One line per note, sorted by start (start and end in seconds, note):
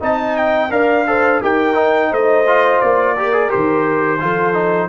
0.00 0.70 C4
0.00 0.70 D#4
0.00 0.71 D#5
0.00 0.37 A5
0.37 0.71 G5
0.70 1.40 D4
0.70 1.05 A#4
0.70 1.07 D5
0.70 1.41 F5
1.07 1.42 A4
1.07 1.42 C5
1.42 2.12 D#4
1.42 1.74 G4
1.42 2.10 A#4
1.42 2.13 G5
1.74 2.44 D#4
2.10 2.82 A3
2.10 3.15 C5
2.10 2.81 D#5
2.47 3.17 F4
2.81 3.52 A#3
2.81 3.50 D5
3.15 3.33 G4
3.15 4.20 A#4
3.33 3.49 G#4
3.49 4.22 D#3
3.49 4.19 G4
3.49 4.89 C5
4.20 4.89 F3
4.20 4.54 F4
4.20 4.89 A4
4.54 4.89 D#4